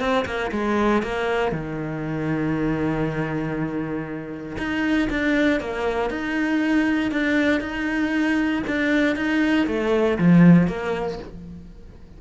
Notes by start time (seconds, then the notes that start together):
0.00 C4
0.25 A#3
0.52 G#3
1.03 A#3
1.52 D#3
4.58 D#4
5.10 D4
5.60 A#3
6.10 D#4
7.12 D4
7.61 D#4
8.67 D4
9.16 D#4
9.67 A3
10.18 F3
10.68 A#3